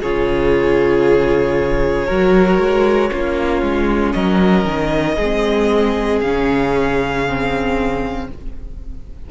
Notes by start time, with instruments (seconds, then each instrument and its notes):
0.00 cello C#3, viola F4, violin G#4 C#5
2.07 cello F#3, viola F#4, violin A#4
2.59 cello G#3
3.11 cello A#3, viola C#4, violin F4
3.62 cello G#3
4.13 cello F#3, violin A#4 D#5
4.66 cello D#3
5.15 cello G#3, violin G#4
5.23 viola C4
6.21 cello C#3, viola C#4, violin F5
7.28 viola C4